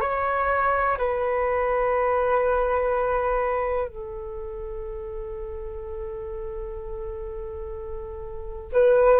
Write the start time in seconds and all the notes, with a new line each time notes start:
0.00 C#5
0.97 B4
3.88 A4
8.72 B4